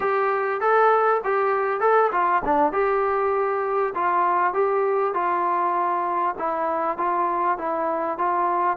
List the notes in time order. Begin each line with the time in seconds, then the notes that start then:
0.00 G4
0.60 A4
1.24 G4
1.80 A4
2.12 F4
2.45 D4
2.72 G4
3.94 F4
4.53 G4
5.14 F4
6.38 E4
6.97 F4
7.58 E4
8.18 F4